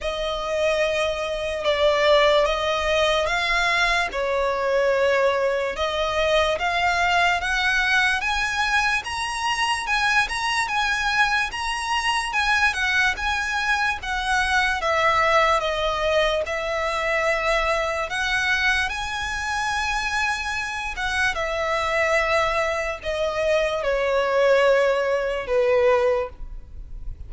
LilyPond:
\new Staff \with { instrumentName = "violin" } { \time 4/4 \tempo 4 = 73 dis''2 d''4 dis''4 | f''4 cis''2 dis''4 | f''4 fis''4 gis''4 ais''4 | gis''8 ais''8 gis''4 ais''4 gis''8 fis''8 |
gis''4 fis''4 e''4 dis''4 | e''2 fis''4 gis''4~ | gis''4. fis''8 e''2 | dis''4 cis''2 b'4 | }